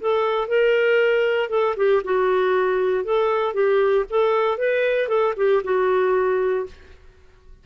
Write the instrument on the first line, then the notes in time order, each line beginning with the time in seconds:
clarinet
0.00 A4
0.48 A#4
1.49 A4
1.76 G4
2.04 F#4
3.04 A4
3.53 G4
4.09 A4
4.58 B4
5.08 A4
5.36 G4
5.63 F#4